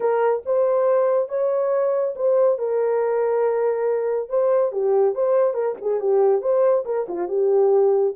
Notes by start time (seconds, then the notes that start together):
0.00 A#4
0.45 C5
1.28 C#5
2.15 C5
2.58 A#4
4.29 C5
4.72 G4
5.14 C5
5.54 A#4
5.81 G#4
6.00 G4
6.41 C5
6.85 A#4
7.08 F4
7.28 G4